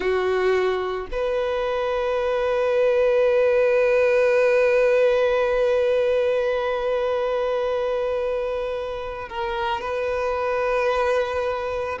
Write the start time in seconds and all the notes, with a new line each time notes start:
0.00 F#4
1.12 B4
9.28 A#4
9.80 B4